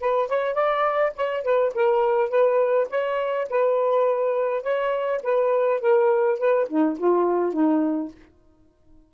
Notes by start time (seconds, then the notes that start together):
0.00 B4
0.28 C#5
0.54 D5
1.16 C#5
1.44 B4
1.74 A#4
2.29 B4
2.90 C#5
3.50 B4
4.63 C#5
5.23 B4
5.80 A#4
6.38 B4
6.69 D#4
6.98 F4
7.53 D#4